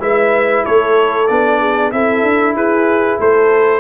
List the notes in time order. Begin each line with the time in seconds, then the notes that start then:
0.00 G#3 E4 B4 E5
0.64 A3 A4 C#5
1.28 B3 D4 D5
1.60 G#4
1.92 C4 E4 A4 E5
2.24 D4
2.54 E4 G#4 B4
3.19 A3 A4 C5